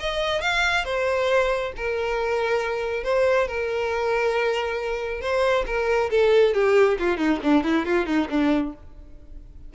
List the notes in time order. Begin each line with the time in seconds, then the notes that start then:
0.00 D#5
0.42 F5
0.85 C5
1.77 A#4
3.04 C5
3.48 A#4
5.22 C5
5.67 A#4
6.11 A4
6.55 G4
7.00 F4
7.18 D#4
7.43 D4
7.64 E4
7.86 F4
8.06 D#4
8.30 D4